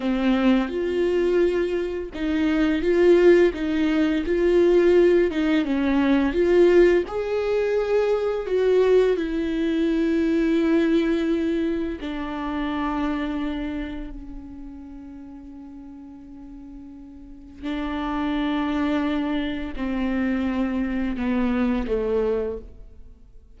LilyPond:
\new Staff \with { instrumentName = "viola" } { \time 4/4 \tempo 4 = 85 c'4 f'2 dis'4 | f'4 dis'4 f'4. dis'8 | cis'4 f'4 gis'2 | fis'4 e'2.~ |
e'4 d'2. | cis'1~ | cis'4 d'2. | c'2 b4 a4 | }